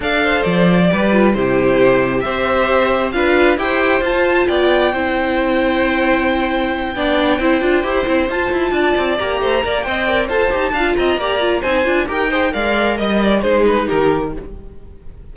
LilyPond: <<
  \new Staff \with { instrumentName = "violin" } { \time 4/4 \tempo 4 = 134 f''4 d''2 c''4~ | c''4 e''2 f''4 | g''4 a''4 g''2~ | g''1~ |
g''2~ g''8 a''4.~ | a''8 ais''4. g''4 a''4~ | a''8 ais''4. gis''4 g''4 | f''4 dis''8 d''8 c''8 b'8 ais'4 | }
  \new Staff \with { instrumentName = "violin" } { \time 4/4 d''8 c''4. b'4 g'4~ | g'4 c''2 b'4 | c''2 d''4 c''4~ | c''2.~ c''8 d''8~ |
d''8 c''2. d''8~ | d''4 c''8 d''8 dis''8 d''8 c''4 | f''8 dis''8 d''4 c''4 ais'8 c''8 | d''4 dis''4 gis'4 g'4 | }
  \new Staff \with { instrumentName = "viola" } { \time 4/4 a'2 g'8 f'8 e'4~ | e'4 g'2 f'4 | g'4 f'2 e'4~ | e'2.~ e'8 d'8~ |
d'8 e'8 f'8 g'8 e'8 f'4.~ | f'8 g'4 ais'8 c''8 ais'8 a'8 g'8 | f'4 g'8 f'8 dis'8 f'8 g'8 gis'8 | ais'2 dis'2 | }
  \new Staff \with { instrumentName = "cello" } { \time 4/4 d'4 f4 g4 c4~ | c4 c'2 d'4 | e'4 f'4 b4 c'4~ | c'2.~ c'8 b8~ |
b8 c'8 d'8 e'8 c'8 f'8 e'8 d'8 | c'8 ais8 a8 ais8 c'4 f'8 dis'8 | d'8 c'8 ais4 c'8 d'8 dis'4 | gis4 g4 gis4 dis4 | }
>>